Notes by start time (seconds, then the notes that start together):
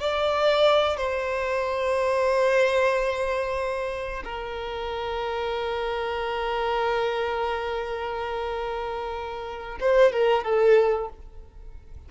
0.00 D5
0.97 C5
4.25 A#4
9.80 C5
10.13 A#4
10.44 A4